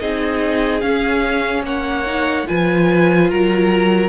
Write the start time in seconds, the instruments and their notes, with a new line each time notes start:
0.00 cello C4, viola D#4, violin G#4 D#5
0.81 viola C#4, cello C#4, violin F5
1.63 cello A#3, violin C#5 F#5
2.06 viola D#4
2.46 cello F3, viola F4, violin B4 G#5
3.30 cello F#3, violin A#4 A#5